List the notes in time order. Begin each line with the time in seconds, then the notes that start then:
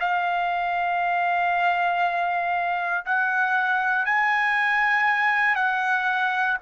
0.00 F5
3.06 F#5
4.05 G#5
5.56 F#5